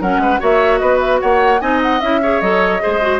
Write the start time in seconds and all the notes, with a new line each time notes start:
0.00 F#3 C#4 A#4 F#5
0.18 G#3 B4
0.39 A#3 F#4 C#5 E5
0.78 B3 B4 D#5
0.99 E5
1.20 A#3 C#5 F#5
1.60 C4 D#4 D#5 G#5
1.82 F#5
2.01 C#4 E4 E5
2.22 G#4 C#5
2.41 F#3 A4 D#5
2.80 G#3 G#4 C5
3.01 F#4